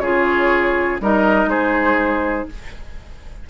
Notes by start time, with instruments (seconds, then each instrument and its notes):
0.00 bassoon C#3, clarinet F4, oboe G#4, flute C#5
1.01 bassoon G3, clarinet D#4, oboe A#4, flute D#5
1.46 bassoon G#3, oboe G#4, flute C5